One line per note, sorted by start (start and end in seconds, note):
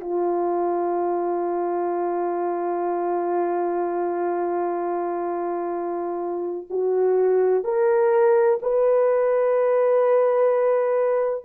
0.00 6.67 F4
6.70 7.64 F#4
7.64 8.59 A#4
8.62 11.44 B4